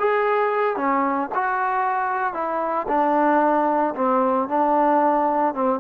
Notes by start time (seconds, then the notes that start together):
0.00 G#4
0.77 C#4
1.35 F#4
2.34 E4
2.88 D4
3.96 C4
4.49 D4
5.55 C4